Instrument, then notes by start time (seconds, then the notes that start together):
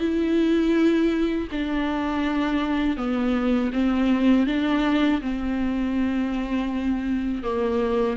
viola
0.00 E4
1.52 D4
2.97 B3
3.73 C4
4.47 D4
5.22 C4
7.43 A#3